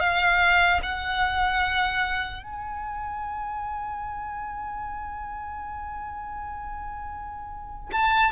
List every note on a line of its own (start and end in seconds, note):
0.00 0.81 F5
0.83 2.43 F#5
2.43 7.91 G#5
7.92 8.32 A5